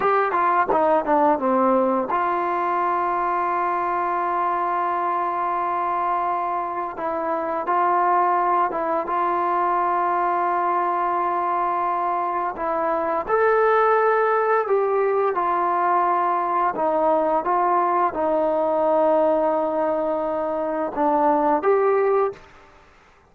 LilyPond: \new Staff \with { instrumentName = "trombone" } { \time 4/4 \tempo 4 = 86 g'8 f'8 dis'8 d'8 c'4 f'4~ | f'1~ | f'2 e'4 f'4~ | f'8 e'8 f'2.~ |
f'2 e'4 a'4~ | a'4 g'4 f'2 | dis'4 f'4 dis'2~ | dis'2 d'4 g'4 | }